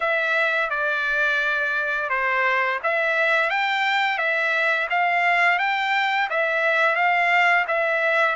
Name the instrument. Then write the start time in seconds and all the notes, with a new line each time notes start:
trumpet
0.00 E5
0.69 D5
2.09 C5
2.83 E5
3.49 G5
4.18 E5
4.90 F5
5.58 G5
6.30 E5
6.95 F5
7.67 E5